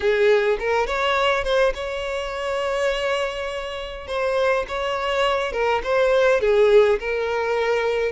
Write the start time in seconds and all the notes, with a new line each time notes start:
0.00 G#4
0.59 A#4
0.87 C#5
1.44 C5
1.74 C#5
4.07 C5
4.68 C#5
5.52 A#4
5.83 C5
6.41 G#4
6.99 A#4